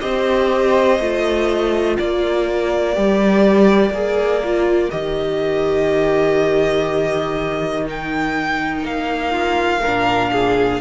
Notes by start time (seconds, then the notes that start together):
0.00 C4 G4 C5 D#5
0.99 A3 F4
1.96 A#3 A#4 D5
2.94 G3 G4
3.90 A#3 G#4
4.44 F4
4.91 D#3 G4 D#5
7.85 D#4 G5
8.84 A#3 F5
9.30 F4
9.82 A#2 D4 A#4
10.32 G#4